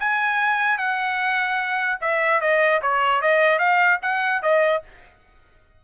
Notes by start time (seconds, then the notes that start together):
0.00 G#5
0.78 F#5
2.01 E5
2.41 D#5
2.82 C#5
3.22 D#5
3.59 F5
4.02 F#5
4.43 D#5